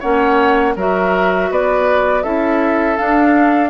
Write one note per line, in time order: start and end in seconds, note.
0.00 0.76 A#3
0.00 0.75 C#4
0.00 0.74 C#5
0.00 0.76 F#5
0.76 1.50 F#3
0.76 2.24 F#4
0.76 1.50 A#4
0.76 1.52 E5
1.50 2.24 B3
1.50 2.24 B4
1.50 2.23 D5
2.23 2.98 C#4
2.23 2.98 E4
2.23 3.70 A4
2.23 2.97 E5
2.97 3.70 D4
2.97 3.70 F5